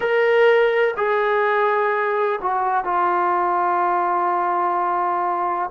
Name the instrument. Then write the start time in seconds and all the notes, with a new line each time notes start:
trombone
0.00 A#4
0.97 G#4
2.41 F#4
2.84 F4